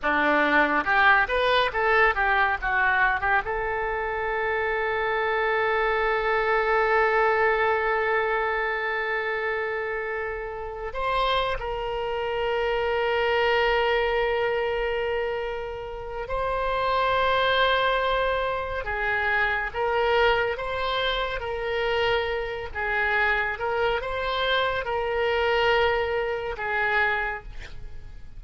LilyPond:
\new Staff \with { instrumentName = "oboe" } { \time 4/4 \tempo 4 = 70 d'4 g'8 b'8 a'8 g'8 fis'8. g'16 | a'1~ | a'1~ | a'8. c''8. ais'2~ ais'8~ |
ais'2. c''4~ | c''2 gis'4 ais'4 | c''4 ais'4. gis'4 ais'8 | c''4 ais'2 gis'4 | }